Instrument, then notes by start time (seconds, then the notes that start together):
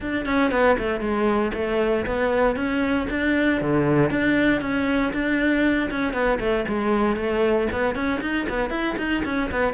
cello
0.00 D4
0.25 C#4
0.51 B3
0.78 A3
1.00 G#3
1.54 A3
2.05 B3
2.55 C#4
3.10 D4
3.61 D3
4.10 D4
4.61 C#4
5.13 D4
5.91 C#4
6.13 B3
6.39 A3
6.67 G#3
7.16 A3
7.72 B3
7.95 C#4
8.21 D#4
8.49 B3
8.70 E4
8.98 D#4
9.24 C#4
9.51 B3